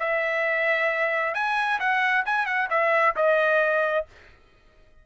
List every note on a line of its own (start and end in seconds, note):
0.00 1.35 E5
1.35 1.80 G#5
1.80 2.25 F#5
2.26 2.46 G#5
2.46 2.69 F#5
2.70 3.16 E5
3.16 4.06 D#5